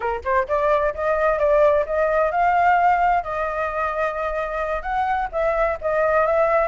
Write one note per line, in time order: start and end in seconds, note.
0.00 0.21 A#4
0.24 0.47 C5
0.48 0.94 D5
0.94 1.38 D#5
1.38 1.85 D5
1.86 2.31 D#5
2.31 3.23 F5
3.23 4.82 D#5
4.82 5.28 F#5
5.32 5.78 E5
5.81 6.26 D#5
6.26 6.67 E5